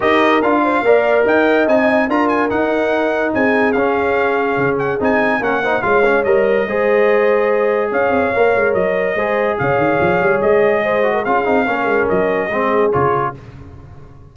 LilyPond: <<
  \new Staff \with { instrumentName = "trumpet" } { \time 4/4 \tempo 4 = 144 dis''4 f''2 g''4 | gis''4 ais''8 gis''8 fis''2 | gis''4 f''2~ f''8 fis''8 | gis''4 fis''4 f''4 dis''4~ |
dis''2. f''4~ | f''4 dis''2 f''4~ | f''4 dis''2 f''4~ | f''4 dis''2 cis''4 | }
  \new Staff \with { instrumentName = "horn" } { \time 4/4 ais'4. c''8 d''4 dis''4~ | dis''4 ais'2. | gis'1~ | gis'4 ais'8 c''8 cis''2 |
c''2. cis''4~ | cis''2 c''4 cis''4~ | cis''2 c''8. ais'16 gis'4 | ais'2 gis'2 | }
  \new Staff \with { instrumentName = "trombone" } { \time 4/4 g'4 f'4 ais'2 | dis'4 f'4 dis'2~ | dis'4 cis'2. | dis'4 cis'8 dis'8 f'8 cis'8 ais'4 |
gis'1 | ais'2 gis'2~ | gis'2~ gis'8 fis'8 f'8 dis'8 | cis'2 c'4 f'4 | }
  \new Staff \with { instrumentName = "tuba" } { \time 4/4 dis'4 d'4 ais4 dis'4 | c'4 d'4 dis'2 | c'4 cis'2 cis4 | c'4 ais4 gis4 g4 |
gis2. cis'8 c'8 | ais8 gis8 fis4 gis4 cis8 dis8 | f8 g8 gis2 cis'8 c'8 | ais8 gis8 fis4 gis4 cis4 | }
>>